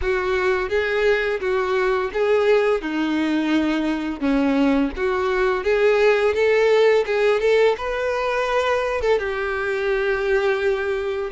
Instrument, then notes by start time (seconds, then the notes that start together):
violin
0.01 F#4
0.69 G#4
1.40 F#4
2.13 G#4
2.81 D#4
4.20 C#4
4.96 F#4
5.63 G#4
6.34 A4
7.06 G#4
7.40 A4
7.77 B4
9.01 A4
9.18 G4